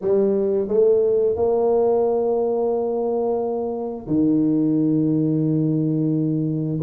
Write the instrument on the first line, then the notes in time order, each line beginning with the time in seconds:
tuba
0.01 G3
0.68 A3
1.36 A#3
4.06 D#3